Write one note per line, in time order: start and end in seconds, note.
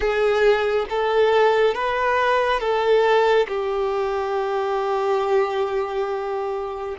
0.00 0.86 G#4
0.89 1.74 A4
1.74 2.60 B4
2.60 3.47 A4
3.48 6.96 G4